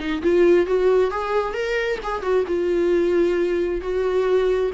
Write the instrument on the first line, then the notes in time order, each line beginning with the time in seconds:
viola
0.00 D#4
0.23 F4
0.67 F#4
1.11 G#4
1.54 A#4
2.04 G#4
2.22 F#4
2.48 F4
3.82 F#4